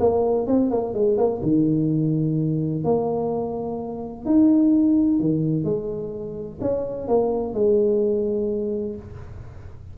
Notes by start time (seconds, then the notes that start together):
0.00 A#3
0.47 C4
0.70 A#3
0.94 G#3
1.17 A#3
1.43 D#3
2.84 A#3
4.25 D#4
5.20 D#3
5.64 G#3
6.61 C#4
7.08 A#3
7.54 G#3